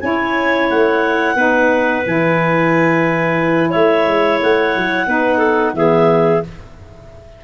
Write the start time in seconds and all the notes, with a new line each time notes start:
0.00 C#4 E4 C#5 G#5
0.70 A3 F#5
1.35 B3 D#4 B4
2.05 E3 E4 G#5
3.70 A3 C#5 E5
4.06 G#3
4.42 A3 F#5
4.76 F#3
5.06 B3 D#4 B4
5.38 A4
5.73 E3 B3 G#4 E5